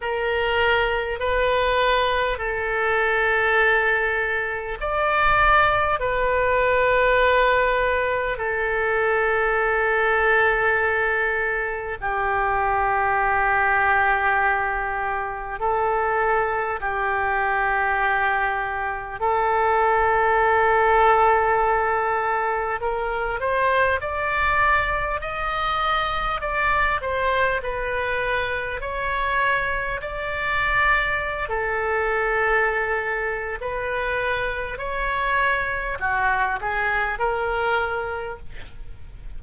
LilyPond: \new Staff \with { instrumentName = "oboe" } { \time 4/4 \tempo 4 = 50 ais'4 b'4 a'2 | d''4 b'2 a'4~ | a'2 g'2~ | g'4 a'4 g'2 |
a'2. ais'8 c''8 | d''4 dis''4 d''8 c''8 b'4 | cis''4 d''4~ d''16 a'4.~ a'16 | b'4 cis''4 fis'8 gis'8 ais'4 | }